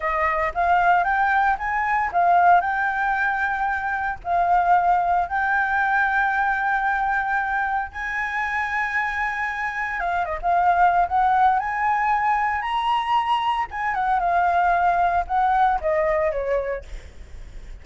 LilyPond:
\new Staff \with { instrumentName = "flute" } { \time 4/4 \tempo 4 = 114 dis''4 f''4 g''4 gis''4 | f''4 g''2. | f''2 g''2~ | g''2. gis''4~ |
gis''2. f''8 dis''16 f''16~ | f''4 fis''4 gis''2 | ais''2 gis''8 fis''8 f''4~ | f''4 fis''4 dis''4 cis''4 | }